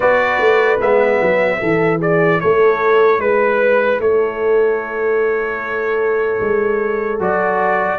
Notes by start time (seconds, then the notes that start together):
0.00 B3 F#4 B4 D5
0.40 A3
0.80 G#3 B3 E5
1.21 F#3
1.59 E3 E4 A4
1.99 G#4 D5
2.40 A3 A4 C#5
3.19 G#3 B4
3.99 A3 A4 C#5
6.40 G#3
7.19 F#3 F#4 D5